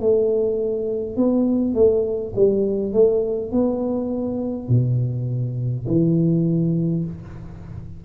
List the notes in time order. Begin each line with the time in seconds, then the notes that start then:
0.00 A3
1.17 B3
1.75 A3
2.36 G3
2.93 A3
3.52 B3
4.69 B2
5.88 E3